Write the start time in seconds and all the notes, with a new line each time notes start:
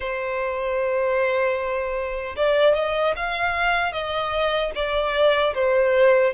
0.00 C5
2.36 D5
2.75 D#5
3.16 F5
3.92 D#5
4.75 D5
5.54 C5